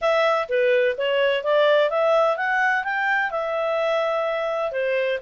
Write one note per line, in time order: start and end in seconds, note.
0.01 0.48 E5
0.49 0.96 B4
0.97 1.43 C#5
1.43 1.90 D5
1.90 2.36 E5
2.36 2.83 F#5
2.83 3.30 G5
3.30 4.71 E5
4.71 5.18 C5